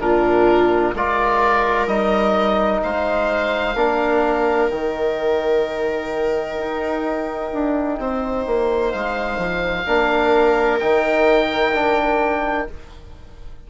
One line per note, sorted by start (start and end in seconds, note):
0.00 0.94 A#2
0.00 0.94 D4
0.00 0.96 F4
0.00 0.95 A#4
0.94 1.87 G#3
0.94 1.88 F4
0.94 2.83 A#4
0.94 1.87 D5
1.87 2.80 G3
1.87 3.75 D#4
1.87 2.81 D#5
2.83 3.75 G#3
2.83 3.75 C5
2.83 4.70 F5
3.75 4.69 A#3
3.75 4.70 D4
3.75 7.97 A#4
4.70 6.57 D#3
4.70 9.85 D#4
4.70 8.91 G5
6.57 7.51 D#4
7.53 7.99 D4
7.99 8.46 C4
7.99 9.86 C5
8.46 8.93 A#3
8.91 9.38 G#3
8.91 10.79 F5
9.38 9.85 F3
9.86 10.81 A#3
9.86 10.80 D4
9.86 12.67 A#4
10.79 12.70 D#3
10.79 11.73 D#4
10.79 12.67 G5
11.73 12.67 D4